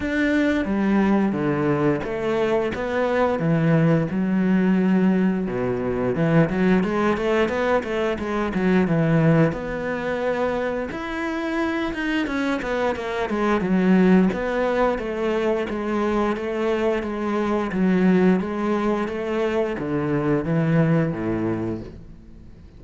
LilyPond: \new Staff \with { instrumentName = "cello" } { \time 4/4 \tempo 4 = 88 d'4 g4 d4 a4 | b4 e4 fis2 | b,4 e8 fis8 gis8 a8 b8 a8 | gis8 fis8 e4 b2 |
e'4. dis'8 cis'8 b8 ais8 gis8 | fis4 b4 a4 gis4 | a4 gis4 fis4 gis4 | a4 d4 e4 a,4 | }